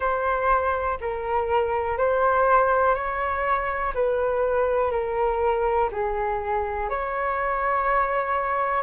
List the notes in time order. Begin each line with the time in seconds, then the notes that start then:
0.00 C5
1.00 A#4
1.97 C5
2.95 C#5
3.94 B4
4.91 A#4
5.92 G#4
6.89 C#5